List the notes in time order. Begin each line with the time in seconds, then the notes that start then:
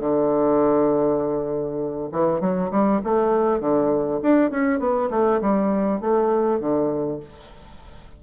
0.00 D3
2.12 E3
2.41 F#3
2.71 G3
3.04 A3
3.60 D3
4.22 D4
4.51 C#4
4.80 B3
5.11 A3
5.41 G3
6.01 A3
6.60 D3